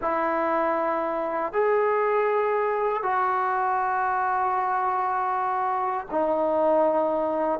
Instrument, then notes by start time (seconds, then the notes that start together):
trombone
0.01 E4
1.52 G#4
3.02 F#4
6.10 D#4